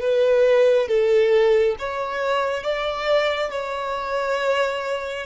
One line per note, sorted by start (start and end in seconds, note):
0.00 0.88 B4
0.88 1.76 A4
1.79 2.63 C#5
2.63 3.51 D5
3.51 5.26 C#5